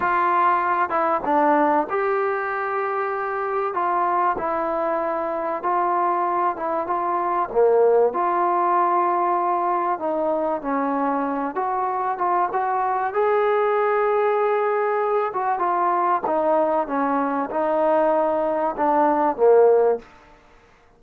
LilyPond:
\new Staff \with { instrumentName = "trombone" } { \time 4/4 \tempo 4 = 96 f'4. e'8 d'4 g'4~ | g'2 f'4 e'4~ | e'4 f'4. e'8 f'4 | ais4 f'2. |
dis'4 cis'4. fis'4 f'8 | fis'4 gis'2.~ | gis'8 fis'8 f'4 dis'4 cis'4 | dis'2 d'4 ais4 | }